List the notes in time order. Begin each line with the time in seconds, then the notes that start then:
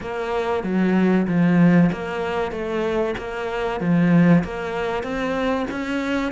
0.01 A#3
0.63 F#3
1.27 F3
1.92 A#3
2.51 A3
3.18 A#3
3.80 F3
4.44 A#3
5.03 C4
5.70 C#4